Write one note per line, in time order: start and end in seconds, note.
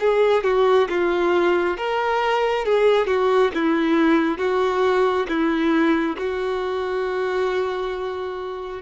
0.00 0.44 G#4
0.44 0.88 F#4
0.89 1.77 F4
1.77 2.65 A#4
2.65 3.07 G#4
3.07 3.51 F#4
3.54 4.38 E4
4.38 5.26 F#4
5.28 6.16 E4
6.17 8.82 F#4